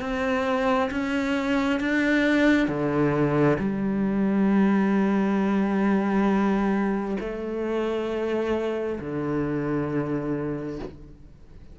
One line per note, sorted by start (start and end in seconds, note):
0.00 0.90 C4
0.91 1.80 C#4
1.80 2.67 D4
2.67 3.57 D3
3.59 7.17 G3
7.20 8.99 A3
9.00 10.79 D3